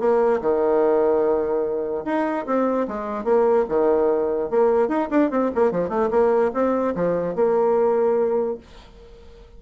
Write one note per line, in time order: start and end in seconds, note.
0.00 0.41 A#3
0.41 2.04 D#3
2.05 2.46 D#4
2.47 2.87 C4
2.88 3.24 G#3
3.24 3.65 A#3
3.69 4.50 D#3
4.50 4.88 A#3
4.88 5.09 D#4
5.11 5.31 D4
5.31 5.51 C4
5.55 5.71 A#3
5.71 5.89 F3
5.89 6.09 A3
6.11 6.52 A#3
6.54 6.95 C4
6.95 7.36 F3
7.36 8.58 A#3